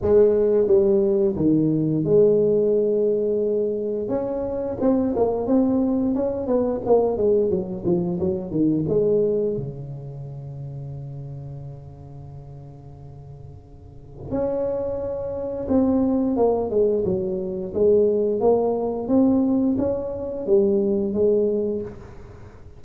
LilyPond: \new Staff \with { instrumentName = "tuba" } { \time 4/4 \tempo 4 = 88 gis4 g4 dis4 gis4~ | gis2 cis'4 c'8 ais8 | c'4 cis'8 b8 ais8 gis8 fis8 f8 | fis8 dis8 gis4 cis2~ |
cis1~ | cis4 cis'2 c'4 | ais8 gis8 fis4 gis4 ais4 | c'4 cis'4 g4 gis4 | }